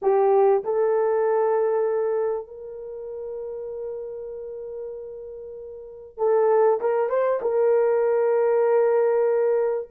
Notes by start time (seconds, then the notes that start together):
0.01 G4
0.64 A4
2.47 A#4
6.17 A4
6.80 A#4
7.09 C5
7.41 A#4